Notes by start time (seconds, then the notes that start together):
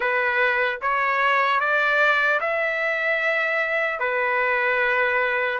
0.00 B4
0.81 C#5
1.60 D5
2.40 E5
3.99 B4